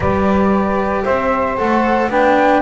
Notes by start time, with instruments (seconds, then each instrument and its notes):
0.00 double bass G3, cello G4, saxophone B4, flute D5
1.04 double bass C4, saxophone C5, flute E5
1.57 double bass A3, cello A4, flute F#5
2.08 double bass B3, cello D4, saxophone B4, flute G5